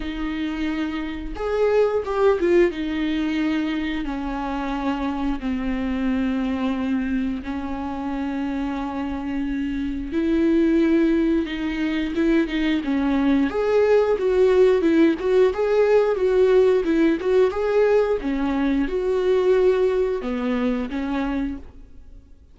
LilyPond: \new Staff \with { instrumentName = "viola" } { \time 4/4 \tempo 4 = 89 dis'2 gis'4 g'8 f'8 | dis'2 cis'2 | c'2. cis'4~ | cis'2. e'4~ |
e'4 dis'4 e'8 dis'8 cis'4 | gis'4 fis'4 e'8 fis'8 gis'4 | fis'4 e'8 fis'8 gis'4 cis'4 | fis'2 b4 cis'4 | }